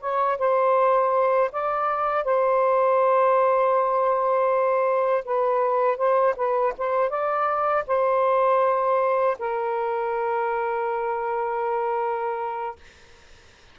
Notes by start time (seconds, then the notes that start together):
0.00 C#5
0.38 C5
1.51 D5
2.24 C5
5.24 B4
5.97 C5
6.36 B4
6.78 C5
7.09 D5
7.87 C5
9.38 A#4